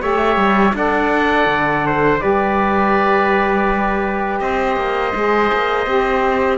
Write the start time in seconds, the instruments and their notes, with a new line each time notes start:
0.00 cello A3, saxophone G4, trumpet C#5, oboe E5
0.36 cello G3
0.74 cello D4, saxophone A4, trumpet D5, oboe F#5
1.46 cello D3
1.87 trumpet C5
2.20 cello G3, saxophone G4, trumpet B4, oboe D5
4.39 cello C4, trumpet C5, oboe D#5
4.76 cello A#3
5.15 cello G#3, saxophone G#4
5.52 cello A#3
5.86 cello C4, saxophone G4